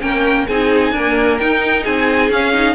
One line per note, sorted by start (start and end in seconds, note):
0.00 0.48 A#3
0.00 0.46 C#4
0.00 0.48 A#4
0.00 0.47 G5
0.48 0.92 C4
0.48 0.97 D#4
0.48 0.93 G#4
0.48 1.38 G#5
0.92 1.41 A#3
0.92 1.37 D4
0.92 1.84 A#4
1.38 2.32 D#4
1.38 1.86 D#4
1.38 1.84 G5
1.84 2.29 C4
1.84 2.75 G#4
1.84 2.31 G#5
2.29 2.75 C#4
2.29 2.53 C#4
2.29 2.75 F5
2.53 2.75 D#4